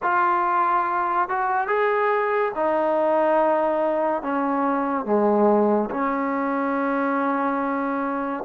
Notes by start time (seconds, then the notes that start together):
0.02 F4
1.29 F#4
1.67 G#4
2.55 D#4
4.22 C#4
5.05 G#3
5.90 C#4